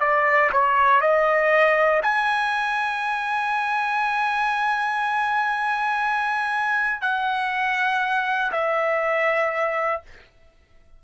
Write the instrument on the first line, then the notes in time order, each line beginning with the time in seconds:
trumpet
0.00 D5
0.52 C#5
1.01 D#5
2.02 G#5
7.01 F#5
8.52 E5